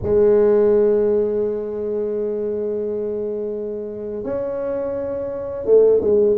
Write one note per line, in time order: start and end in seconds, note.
0.02 4.24 G#3
4.24 5.65 C#4
5.65 6.00 A3
6.01 6.36 G#3